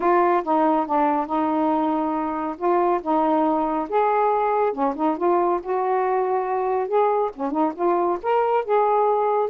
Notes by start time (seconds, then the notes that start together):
0.00 F4
0.43 D#4
0.86 D4
1.26 D#4
2.57 F4
3.02 D#4
3.89 G#4
4.72 C#4
4.95 D#4
5.17 F4
5.63 F#4
6.88 G#4
7.35 C#4
7.51 D#4
7.75 F4
8.22 A#4
8.64 G#4